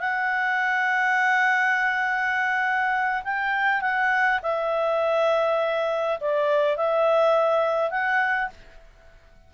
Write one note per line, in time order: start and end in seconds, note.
0.00 3.24 F#5
3.25 3.82 G5
3.82 4.40 F#5
4.43 6.19 E5
6.21 6.77 D5
6.77 7.91 E5
7.91 8.50 F#5